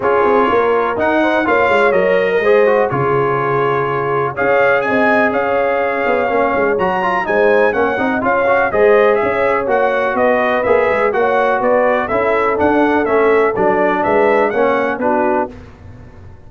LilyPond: <<
  \new Staff \with { instrumentName = "trumpet" } { \time 4/4 \tempo 4 = 124 cis''2 fis''4 f''4 | dis''2 cis''2~ | cis''4 f''4 gis''4 f''4~ | f''2 ais''4 gis''4 |
fis''4 f''4 dis''4 e''4 | fis''4 dis''4 e''4 fis''4 | d''4 e''4 fis''4 e''4 | d''4 e''4 fis''4 b'4 | }
  \new Staff \with { instrumentName = "horn" } { \time 4/4 gis'4 ais'4. c''8 cis''4~ | cis''8. ais'16 c''4 gis'2~ | gis'4 cis''4 dis''4 cis''4~ | cis''2. c''4 |
cis''8 dis''8 cis''4 c''4 cis''4~ | cis''4 b'2 cis''4 | b'4 a'2.~ | a'4 b'4 cis''4 fis'4 | }
  \new Staff \with { instrumentName = "trombone" } { \time 4/4 f'2 dis'4 f'4 | ais'4 gis'8 fis'8 f'2~ | f'4 gis'2.~ | gis'4 cis'4 fis'8 f'8 dis'4 |
cis'8 dis'8 f'8 fis'8 gis'2 | fis'2 gis'4 fis'4~ | fis'4 e'4 d'4 cis'4 | d'2 cis'4 d'4 | }
  \new Staff \with { instrumentName = "tuba" } { \time 4/4 cis'8 c'8 ais4 dis'4 ais8 gis8 | fis4 gis4 cis2~ | cis4 cis'4 c'4 cis'4~ | cis'8 b8 ais8 gis8 fis4 gis4 |
ais8 c'8 cis'4 gis4 cis'4 | ais4 b4 ais8 gis8 ais4 | b4 cis'4 d'4 a4 | fis4 gis4 ais4 b4 | }
>>